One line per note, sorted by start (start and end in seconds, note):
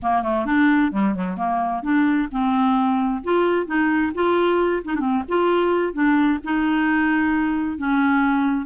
0.02 0.22 A#3
0.22 0.45 A3
0.45 0.91 D4
0.91 1.14 G3
1.14 1.37 F#3
1.37 1.82 A#3
1.83 2.28 D4
2.31 3.23 C4
3.23 3.66 F4
3.66 4.12 D#4
4.14 4.83 F4
4.84 4.95 D#4
4.95 5.23 C4
4.95 5.00 D4
5.28 5.93 F4
5.93 6.39 D4
6.44 7.77 D#4
7.77 8.66 C#4